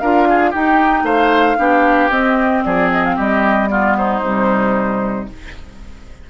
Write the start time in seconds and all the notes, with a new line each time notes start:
0.00 D4 F4 A#4 F5
0.30 G#4
0.51 D#4 G4 G5
1.03 A3 C5 F5
1.58 B3 D4 G4
2.11 C4 D#5
2.64 F3 G#4 D5
2.92 D#5
3.05 F5
3.16 G3 G4 D#5
3.69 B3 F4 D5
3.98 D#4 C5
4.23 C3 G3